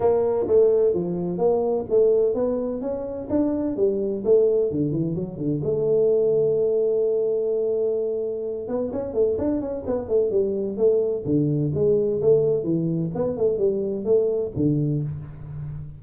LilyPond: \new Staff \with { instrumentName = "tuba" } { \time 4/4 \tempo 4 = 128 ais4 a4 f4 ais4 | a4 b4 cis'4 d'4 | g4 a4 d8 e8 fis8 d8 | a1~ |
a2~ a8 b8 cis'8 a8 | d'8 cis'8 b8 a8 g4 a4 | d4 gis4 a4 e4 | b8 a8 g4 a4 d4 | }